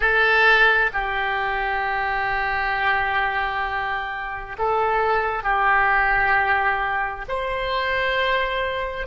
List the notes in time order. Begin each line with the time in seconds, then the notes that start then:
0.00 A4
0.93 G4
4.58 A4
5.43 G4
7.28 C5